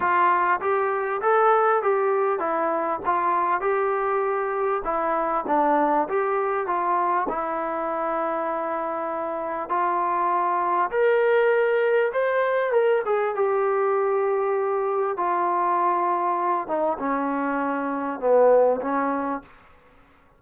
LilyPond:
\new Staff \with { instrumentName = "trombone" } { \time 4/4 \tempo 4 = 99 f'4 g'4 a'4 g'4 | e'4 f'4 g'2 | e'4 d'4 g'4 f'4 | e'1 |
f'2 ais'2 | c''4 ais'8 gis'8 g'2~ | g'4 f'2~ f'8 dis'8 | cis'2 b4 cis'4 | }